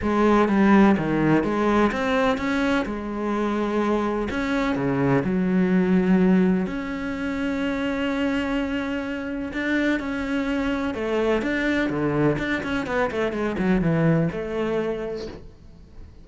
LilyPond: \new Staff \with { instrumentName = "cello" } { \time 4/4 \tempo 4 = 126 gis4 g4 dis4 gis4 | c'4 cis'4 gis2~ | gis4 cis'4 cis4 fis4~ | fis2 cis'2~ |
cis'1 | d'4 cis'2 a4 | d'4 d4 d'8 cis'8 b8 a8 | gis8 fis8 e4 a2 | }